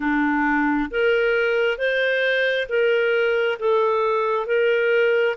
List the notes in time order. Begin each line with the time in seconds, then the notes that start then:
0.00 D4
0.90 A#4
1.78 C5
2.68 A#4
3.59 A4
4.46 A#4